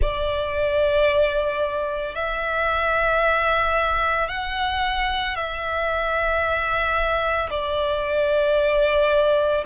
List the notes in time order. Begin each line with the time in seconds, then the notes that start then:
0.01 D5
2.15 E5
4.28 F#5
5.35 E5
7.50 D5